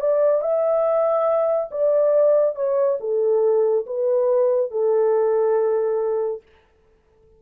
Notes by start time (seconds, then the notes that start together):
0.00 D5
0.41 E5
1.71 D5
2.55 C#5
3.00 A4
3.86 B4
4.71 A4